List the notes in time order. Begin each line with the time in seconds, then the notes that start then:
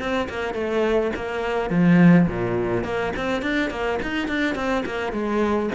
0.00 C4
0.30 A#3
0.54 A3
1.16 A#3
1.70 F3
2.28 A#2
2.84 A#3
3.17 C4
3.43 D4
3.71 A#3
4.03 D#4
4.29 D4
4.56 C4
4.86 A#3
5.13 G#3